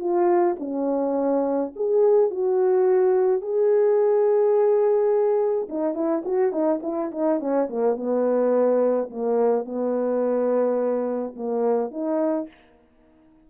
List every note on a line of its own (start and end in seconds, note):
0.00 0.57 F4
0.60 1.73 C#4
1.76 2.31 G#4
2.31 3.42 F#4
3.42 5.68 G#4
5.70 5.95 D#4
5.95 6.23 E4
6.25 6.52 F#4
6.52 6.81 D#4
6.83 7.11 E4
7.12 7.40 D#4
7.40 7.68 C#4
7.70 7.97 A#3
7.97 9.10 B3
9.11 9.65 A#3
9.65 11.35 B3
11.36 11.92 A#3
11.92 12.48 D#4